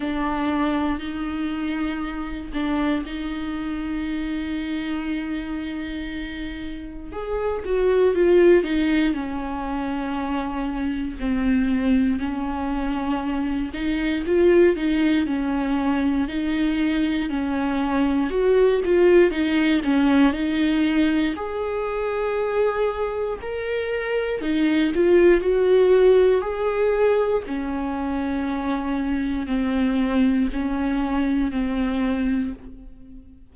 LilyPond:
\new Staff \with { instrumentName = "viola" } { \time 4/4 \tempo 4 = 59 d'4 dis'4. d'8 dis'4~ | dis'2. gis'8 fis'8 | f'8 dis'8 cis'2 c'4 | cis'4. dis'8 f'8 dis'8 cis'4 |
dis'4 cis'4 fis'8 f'8 dis'8 cis'8 | dis'4 gis'2 ais'4 | dis'8 f'8 fis'4 gis'4 cis'4~ | cis'4 c'4 cis'4 c'4 | }